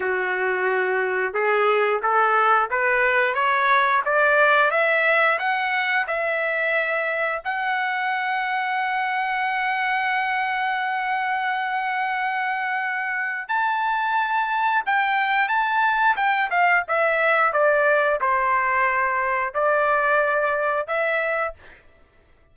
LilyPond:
\new Staff \with { instrumentName = "trumpet" } { \time 4/4 \tempo 4 = 89 fis'2 gis'4 a'4 | b'4 cis''4 d''4 e''4 | fis''4 e''2 fis''4~ | fis''1~ |
fis''1 | a''2 g''4 a''4 | g''8 f''8 e''4 d''4 c''4~ | c''4 d''2 e''4 | }